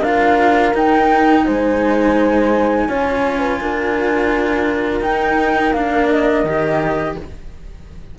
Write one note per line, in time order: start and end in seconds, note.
0.00 0.72 D4
0.00 0.74 F4
0.00 1.43 A#4
0.00 0.74 F5
0.74 1.45 D#4
0.74 2.88 D#4
0.74 1.46 G5
1.45 2.88 G#3
1.45 2.88 C5
1.45 5.02 G#5
2.88 3.60 C#4
2.88 5.03 F4
2.88 3.39 C#5
3.39 3.57 B4
3.60 5.00 D4
3.60 7.18 A#4
5.00 5.72 D#4
5.00 5.75 D#4
5.00 5.73 G5
5.73 6.43 A#3
5.73 6.46 D4
5.73 6.08 F5
6.09 7.16 D#5
6.43 7.15 D#3
6.43 7.17 G4